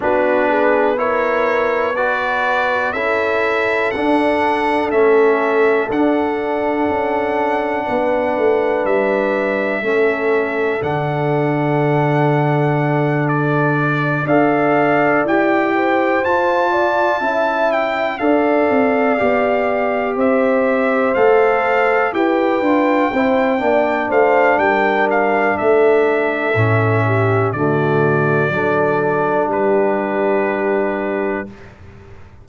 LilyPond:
<<
  \new Staff \with { instrumentName = "trumpet" } { \time 4/4 \tempo 4 = 61 b'4 cis''4 d''4 e''4 | fis''4 e''4 fis''2~ | fis''4 e''2 fis''4~ | fis''4. d''4 f''4 g''8~ |
g''8 a''4. g''8 f''4.~ | f''8 e''4 f''4 g''4.~ | g''8 f''8 g''8 f''8 e''2 | d''2 b'2 | }
  \new Staff \with { instrumentName = "horn" } { \time 4/4 fis'8 gis'8 ais'4 b'4 a'4~ | a'1 | b'2 a'2~ | a'2~ a'8 d''4. |
c''4 d''8 e''4 d''4.~ | d''8 c''2 b'4 c''8 | d''8 c''8 ais'4 a'4. g'8 | fis'4 a'4 g'2 | }
  \new Staff \with { instrumentName = "trombone" } { \time 4/4 d'4 e'4 fis'4 e'4 | d'4 cis'4 d'2~ | d'2 cis'4 d'4~ | d'2~ d'8 a'4 g'8~ |
g'8 f'4 e'4 a'4 g'8~ | g'4. a'4 g'8 f'8 e'8 | d'2. cis'4 | a4 d'2. | }
  \new Staff \with { instrumentName = "tuba" } { \time 4/4 b2. cis'4 | d'4 a4 d'4 cis'4 | b8 a8 g4 a4 d4~ | d2~ d8 d'4 e'8~ |
e'8 f'4 cis'4 d'8 c'8 b8~ | b8 c'4 a4 e'8 d'8 c'8 | ais8 a8 g4 a4 a,4 | d4 fis4 g2 | }
>>